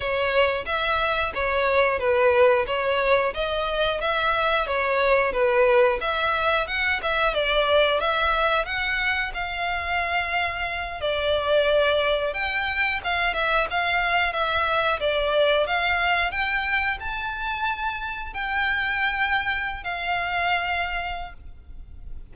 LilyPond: \new Staff \with { instrumentName = "violin" } { \time 4/4 \tempo 4 = 90 cis''4 e''4 cis''4 b'4 | cis''4 dis''4 e''4 cis''4 | b'4 e''4 fis''8 e''8 d''4 | e''4 fis''4 f''2~ |
f''8 d''2 g''4 f''8 | e''8 f''4 e''4 d''4 f''8~ | f''8 g''4 a''2 g''8~ | g''4.~ g''16 f''2~ f''16 | }